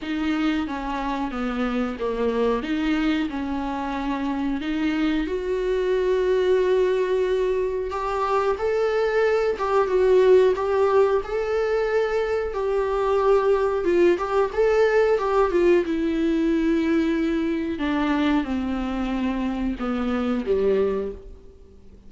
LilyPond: \new Staff \with { instrumentName = "viola" } { \time 4/4 \tempo 4 = 91 dis'4 cis'4 b4 ais4 | dis'4 cis'2 dis'4 | fis'1 | g'4 a'4. g'8 fis'4 |
g'4 a'2 g'4~ | g'4 f'8 g'8 a'4 g'8 f'8 | e'2. d'4 | c'2 b4 g4 | }